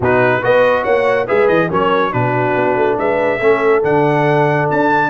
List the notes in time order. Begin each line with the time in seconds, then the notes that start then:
0.00 B2 D#4 F#4 B4
0.41 B3 F#4 B4 D#5
0.83 A#3 C#5 F#5
1.26 G#3 G#4 B4 E5
1.48 E3 D#5
1.69 F#3 C#4 A#4 C#5
2.11 B2 D4 F#4 B4
2.55 B3
2.75 A3
2.98 G#3 B4 E5
3.39 A3 C#4 A4
3.83 D3 D4 F#5
4.70 D4 A5